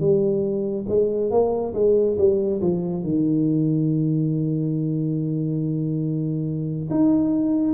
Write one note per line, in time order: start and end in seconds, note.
0.00 0.86 G3
0.88 1.31 G#3
1.31 1.74 A#3
1.74 2.17 G#3
2.18 2.61 G3
2.61 3.04 F3
3.04 6.89 D#3
6.90 7.74 D#4